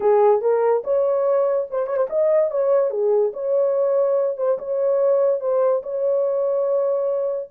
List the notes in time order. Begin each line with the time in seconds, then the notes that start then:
0.00 G#4
0.41 A#4
0.84 C#5
1.70 C5
1.87 C#5
1.97 C5
2.09 D#5
2.50 C#5
2.90 G#4
3.33 C#5
4.37 C5
4.58 C#5
5.40 C5
5.82 C#5